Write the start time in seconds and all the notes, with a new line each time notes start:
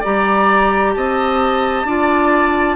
0.00 G3 G4 D5 A#5
0.93 C4 D#5 A5
1.84 D4 F4 D5